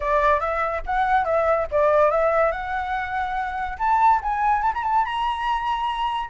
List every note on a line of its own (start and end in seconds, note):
0.00 0.39 D5
0.39 0.81 E5
0.85 1.25 F#5
1.25 1.66 E5
1.71 2.11 D5
2.11 2.51 E5
2.51 3.77 F#5
3.78 4.20 A5
4.22 4.62 G#5
4.62 4.72 A5
4.74 4.83 A#5
4.83 5.04 A5
5.04 6.29 A#5